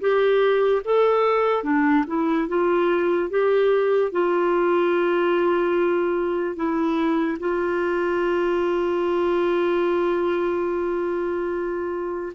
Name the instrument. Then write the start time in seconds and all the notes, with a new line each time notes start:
clarinet
0.00 G4
0.84 A4
1.64 D4
2.07 E4
2.48 F4
3.30 G4
4.12 F4
6.56 E4
7.39 F4